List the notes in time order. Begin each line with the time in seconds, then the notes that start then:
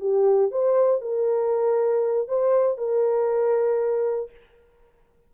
0.00 G4
0.51 C5
1.01 A#4
2.28 C5
2.77 A#4